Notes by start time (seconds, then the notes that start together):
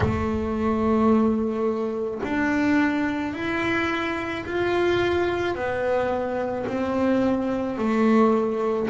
0.00 A3
2.23 D4
3.33 E4
4.45 F4
5.55 B3
6.67 C4
7.78 A3